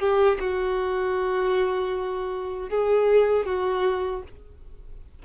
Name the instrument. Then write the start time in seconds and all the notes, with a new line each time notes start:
violin
0.00 G4
0.40 F#4
2.70 G#4
3.47 F#4